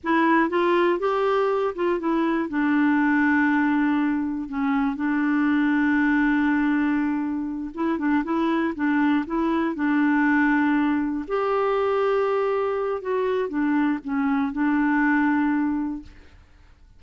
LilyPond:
\new Staff \with { instrumentName = "clarinet" } { \time 4/4 \tempo 4 = 120 e'4 f'4 g'4. f'8 | e'4 d'2.~ | d'4 cis'4 d'2~ | d'2.~ d'8 e'8 |
d'8 e'4 d'4 e'4 d'8~ | d'2~ d'8 g'4.~ | g'2 fis'4 d'4 | cis'4 d'2. | }